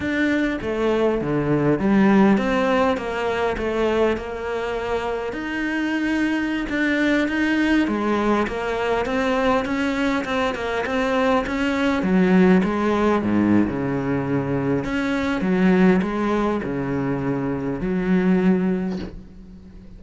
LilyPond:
\new Staff \with { instrumentName = "cello" } { \time 4/4 \tempo 4 = 101 d'4 a4 d4 g4 | c'4 ais4 a4 ais4~ | ais4 dis'2~ dis'16 d'8.~ | d'16 dis'4 gis4 ais4 c'8.~ |
c'16 cis'4 c'8 ais8 c'4 cis'8.~ | cis'16 fis4 gis4 gis,8. cis4~ | cis4 cis'4 fis4 gis4 | cis2 fis2 | }